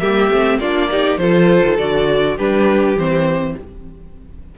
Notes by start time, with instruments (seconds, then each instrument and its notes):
0.00 cello G3, viola A#3, violin G4 E5
0.30 cello A3, viola C4
0.59 cello A#3, viola D4, violin F4 D5
0.91 viola D#4, violin G4
1.18 cello F3, viola F4, violin A4 C5
1.64 cello D#3
1.78 cello D3, viola F#4, violin D5
2.37 cello G3, viola D4, violin G4 B4
2.96 cello E3, viola C4, violin C5